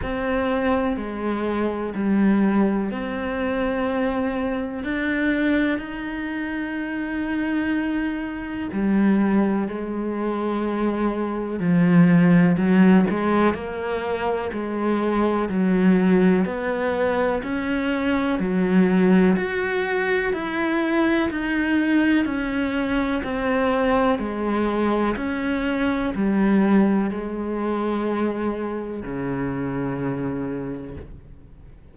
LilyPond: \new Staff \with { instrumentName = "cello" } { \time 4/4 \tempo 4 = 62 c'4 gis4 g4 c'4~ | c'4 d'4 dis'2~ | dis'4 g4 gis2 | f4 fis8 gis8 ais4 gis4 |
fis4 b4 cis'4 fis4 | fis'4 e'4 dis'4 cis'4 | c'4 gis4 cis'4 g4 | gis2 cis2 | }